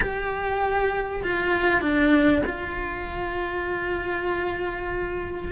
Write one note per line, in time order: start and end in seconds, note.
0.00 1.22 G4
1.23 1.81 F4
1.81 2.42 D4
2.46 5.52 F4